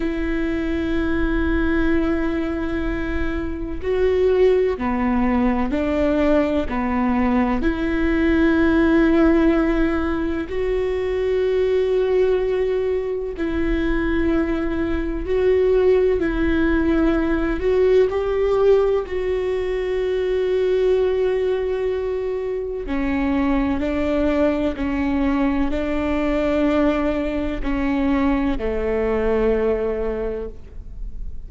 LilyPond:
\new Staff \with { instrumentName = "viola" } { \time 4/4 \tempo 4 = 63 e'1 | fis'4 b4 d'4 b4 | e'2. fis'4~ | fis'2 e'2 |
fis'4 e'4. fis'8 g'4 | fis'1 | cis'4 d'4 cis'4 d'4~ | d'4 cis'4 a2 | }